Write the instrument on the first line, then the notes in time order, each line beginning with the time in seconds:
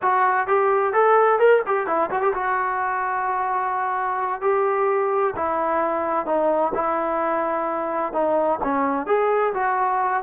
trombone
0.01 F#4
0.47 G4
0.93 A4
1.39 A#4
1.66 G4
1.86 E4
2.10 F#4
2.21 G4
2.33 F#4
4.41 G4
5.36 E4
6.26 D#4
6.74 E4
8.12 D#4
8.63 C#4
9.06 G#4
9.54 F#4